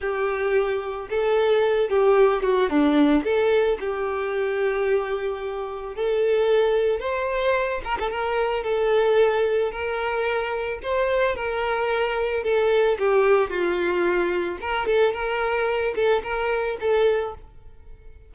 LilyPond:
\new Staff \with { instrumentName = "violin" } { \time 4/4 \tempo 4 = 111 g'2 a'4. g'8~ | g'8 fis'8 d'4 a'4 g'4~ | g'2. a'4~ | a'4 c''4. ais'16 a'16 ais'4 |
a'2 ais'2 | c''4 ais'2 a'4 | g'4 f'2 ais'8 a'8 | ais'4. a'8 ais'4 a'4 | }